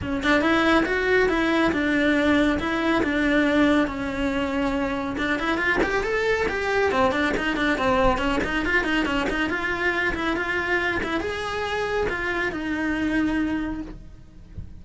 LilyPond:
\new Staff \with { instrumentName = "cello" } { \time 4/4 \tempo 4 = 139 cis'8 d'8 e'4 fis'4 e'4 | d'2 e'4 d'4~ | d'4 cis'2. | d'8 e'8 f'8 g'8 a'4 g'4 |
c'8 d'8 dis'8 d'8 c'4 cis'8 dis'8 | f'8 dis'8 cis'8 dis'8 f'4. e'8 | f'4. e'8 gis'2 | f'4 dis'2. | }